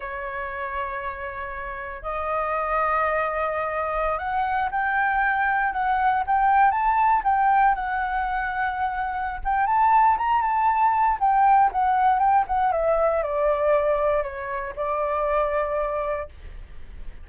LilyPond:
\new Staff \with { instrumentName = "flute" } { \time 4/4 \tempo 4 = 118 cis''1 | dis''1~ | dis''16 fis''4 g''2 fis''8.~ | fis''16 g''4 a''4 g''4 fis''8.~ |
fis''2~ fis''8 g''8 a''4 | ais''8 a''4. g''4 fis''4 | g''8 fis''8 e''4 d''2 | cis''4 d''2. | }